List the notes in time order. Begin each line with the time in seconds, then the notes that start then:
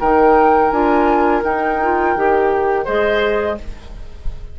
0.00 D#3 D#4 A#4 G5
0.71 D4 F4 G#5
1.43 D#4 G5
1.83 F4
2.16 D#3 G4
2.85 G#3 G#4 C5 D#5